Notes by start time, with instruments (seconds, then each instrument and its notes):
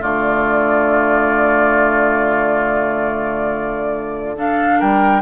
0.00 bassoon D3, clarinet A3, oboe F4, flute D5
4.35 clarinet D4, oboe A4, flute F5
4.79 bassoon G3, oboe A#4, flute G5